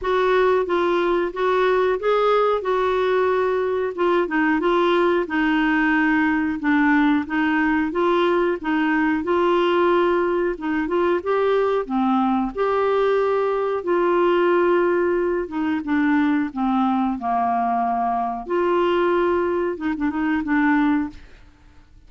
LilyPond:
\new Staff \with { instrumentName = "clarinet" } { \time 4/4 \tempo 4 = 91 fis'4 f'4 fis'4 gis'4 | fis'2 f'8 dis'8 f'4 | dis'2 d'4 dis'4 | f'4 dis'4 f'2 |
dis'8 f'8 g'4 c'4 g'4~ | g'4 f'2~ f'8 dis'8 | d'4 c'4 ais2 | f'2 dis'16 d'16 dis'8 d'4 | }